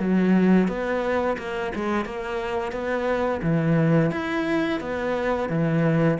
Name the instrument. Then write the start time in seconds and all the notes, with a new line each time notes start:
cello
0.00 F#3
0.68 B3
1.38 A#3
1.76 G#3
2.06 A#3
2.72 B3
3.43 E3
4.12 E4
4.81 B3
5.50 E3